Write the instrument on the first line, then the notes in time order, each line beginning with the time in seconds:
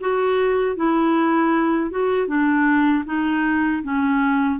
clarinet
0.00 F#4
0.76 E4
1.90 F#4
2.27 D4
3.05 D#4
3.83 C#4